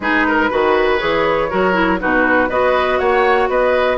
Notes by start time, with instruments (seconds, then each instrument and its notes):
0.00 bassoon G#3, clarinet D#4, oboe G#4, flute B4
0.27 oboe A#4
0.50 bassoon D#3, clarinet F#4, oboe B4
0.98 bassoon E3, clarinet G#4, flute C#5
1.49 bassoon F#3, clarinet F#4, oboe A#4
1.73 clarinet E4
1.99 bassoon B2, clarinet D#4, oboe F#4, flute B4
2.49 bassoon B3, clarinet F#4, oboe B4, flute D#5
2.98 bassoon A#3, oboe C#5, flute F#5
3.48 bassoon B3, oboe B4, flute D#5